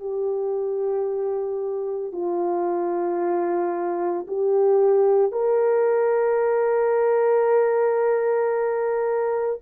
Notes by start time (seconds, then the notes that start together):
0.00 G4
2.12 F4
4.28 G4
5.32 A#4